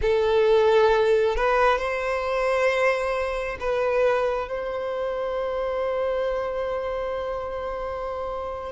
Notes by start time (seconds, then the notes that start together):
0.01 A4
1.36 B4
1.78 C5
3.60 B4
4.48 C5